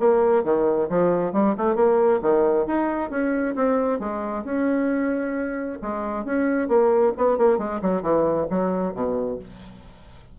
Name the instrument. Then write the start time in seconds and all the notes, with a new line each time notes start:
bassoon
0.00 A#3
0.44 D#3
0.90 F3
1.33 G3
1.58 A3
1.76 A#3
2.22 D#3
2.67 D#4
3.11 C#4
3.56 C4
4.00 G#3
4.45 C#4
5.82 G#3
6.25 C#4
6.69 A#3
7.18 B3
7.38 A#3
7.59 G#3
7.82 F#3
8.03 E3
8.51 F#3
8.94 B2